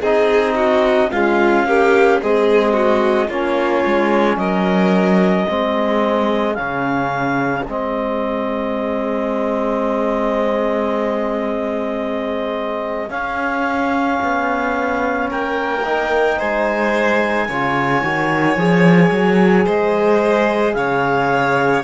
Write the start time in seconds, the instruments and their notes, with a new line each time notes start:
0.00 cello C4, trombone D#4, violin G#4, clarinet D#5
0.56 violin F#4
1.11 trombone G#3, cello C#4, violin F4, clarinet F5
1.65 trombone A#3, violin G4
2.22 cello G#3, trombone C4, violin G#4, clarinet D#5
2.73 violin F#4
3.29 cello A#3, trombone C#4, violin F4, clarinet C#5
3.86 cello G#3
4.37 cello F#3, violin A#4, clarinet D#5
5.47 cello G#3, trombone C4, violin G#4
6.55 cello C#3, trombone C#4, clarinet F5
7.68 cello G#3, trombone C4, clarinet D#5
13.09 trombone C#4, cello C#4, clarinet F5
14.23 cello B3
15.30 cello A#3, violin A#4, clarinet G5
15.85 trombone D#4
16.38 cello G#3, violin C5, clarinet G#5
17.48 cello C#3, trombone F4, violin C#5
18.04 cello D#3, trombone F#4
18.56 cello F3, trombone G#4
19.12 cello F#3
19.65 cello G#3, violin C5, clarinet D#5
20.74 cello C#3, violin C#5, clarinet F5